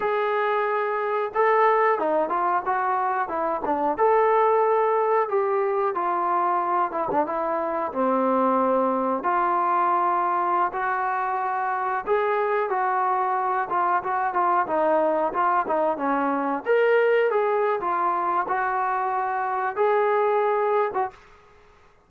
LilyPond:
\new Staff \with { instrumentName = "trombone" } { \time 4/4 \tempo 4 = 91 gis'2 a'4 dis'8 f'8 | fis'4 e'8 d'8 a'2 | g'4 f'4. e'16 d'16 e'4 | c'2 f'2~ |
f'16 fis'2 gis'4 fis'8.~ | fis'8. f'8 fis'8 f'8 dis'4 f'8 dis'16~ | dis'16 cis'4 ais'4 gis'8. f'4 | fis'2 gis'4.~ gis'16 fis'16 | }